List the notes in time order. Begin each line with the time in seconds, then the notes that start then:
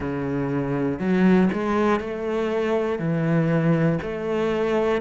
0.00 C#3
0.99 F#3
1.53 G#3
2.00 A3
2.98 E3
4.02 A3